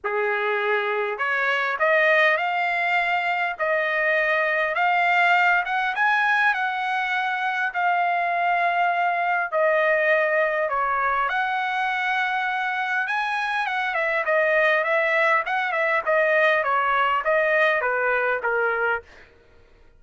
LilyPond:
\new Staff \with { instrumentName = "trumpet" } { \time 4/4 \tempo 4 = 101 gis'2 cis''4 dis''4 | f''2 dis''2 | f''4. fis''8 gis''4 fis''4~ | fis''4 f''2. |
dis''2 cis''4 fis''4~ | fis''2 gis''4 fis''8 e''8 | dis''4 e''4 fis''8 e''8 dis''4 | cis''4 dis''4 b'4 ais'4 | }